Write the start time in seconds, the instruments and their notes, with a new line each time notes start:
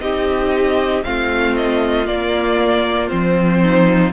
0.00 cello C4, viola D#4, violin G4 D#5
1.04 cello A3, viola C4, violin F4 F5
1.56 violin D#5
2.07 viola A#3, cello A#3, violin D5
3.08 cello F3, viola C4, violin C5
3.61 violin D#4